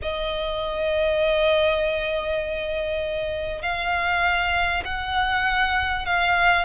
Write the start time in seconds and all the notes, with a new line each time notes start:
0.02 D#5
3.62 F5
4.85 F#5
6.05 F5